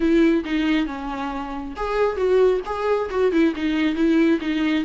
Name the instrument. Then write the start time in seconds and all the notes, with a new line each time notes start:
viola
0.00 E4
0.45 D#4
0.86 C#4
1.76 G#4
2.16 F#4
2.65 G#4
3.10 F#4
3.31 E4
3.55 D#4
3.95 E4
4.41 D#4